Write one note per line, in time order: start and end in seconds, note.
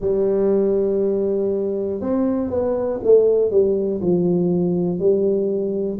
0.00 2.00 G3
2.00 2.50 C4
2.50 3.00 B3
3.03 3.50 A3
3.50 4.00 G3
4.01 4.99 F3
4.99 5.99 G3